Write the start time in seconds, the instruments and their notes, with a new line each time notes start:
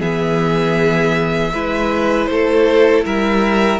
0.00 cello E3, viola B3, violin G#4 E5
1.53 cello G#3, viola E4, violin B4
2.26 cello A3, violin A4 C5
3.05 cello G3, violin A#4 E5